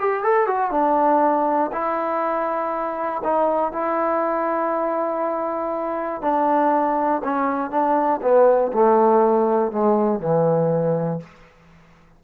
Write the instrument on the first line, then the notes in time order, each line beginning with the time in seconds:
trombone
0.00 G4
0.24 A4
0.47 F#4
0.71 D4
1.72 E4
3.24 D#4
3.72 E4
6.22 D4
7.24 C#4
7.71 D4
8.22 B3
8.73 A3
9.72 G#3
10.20 E3